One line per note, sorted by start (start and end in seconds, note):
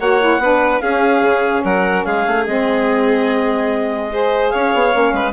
0.00 0.39 A#3
0.00 0.21 F#4
0.00 0.41 C#5
0.00 0.81 F#5
0.21 0.41 E4
0.39 0.80 B3
0.39 0.83 D4
0.39 0.82 B4
0.81 1.22 C#4
0.81 2.47 C#4
0.81 1.64 G#4
0.81 1.63 F5
1.22 1.63 C#3
1.65 2.06 F#3
1.65 2.06 A#4
1.65 2.05 F#5
2.05 2.27 G#3
2.05 4.11 G#4
2.05 2.46 F5
2.27 2.47 A3
2.46 4.54 G#3
2.46 4.11 C4
2.46 4.50 D#5
4.11 4.92 G#4
4.11 4.53 C5
4.50 4.74 C#4
4.50 5.14 C#5
4.50 5.32 F5
4.74 4.95 B3
4.92 5.13 A#3
4.92 5.33 C#4
5.13 5.33 G#3
5.13 5.33 B4